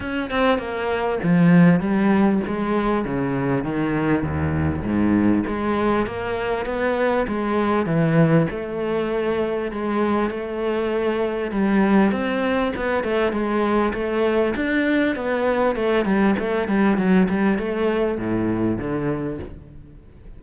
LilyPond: \new Staff \with { instrumentName = "cello" } { \time 4/4 \tempo 4 = 99 cis'8 c'8 ais4 f4 g4 | gis4 cis4 dis4 dis,4 | gis,4 gis4 ais4 b4 | gis4 e4 a2 |
gis4 a2 g4 | c'4 b8 a8 gis4 a4 | d'4 b4 a8 g8 a8 g8 | fis8 g8 a4 a,4 d4 | }